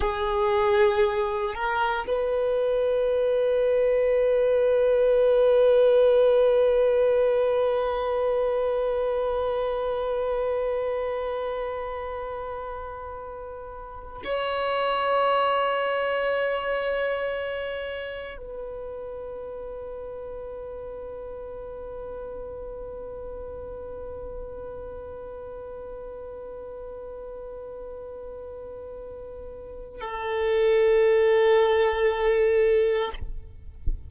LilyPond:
\new Staff \with { instrumentName = "violin" } { \time 4/4 \tempo 4 = 58 gis'4. ais'8 b'2~ | b'1~ | b'1~ | b'4.~ b'16 cis''2~ cis''16~ |
cis''4.~ cis''16 b'2~ b'16~ | b'1~ | b'1~ | b'4 a'2. | }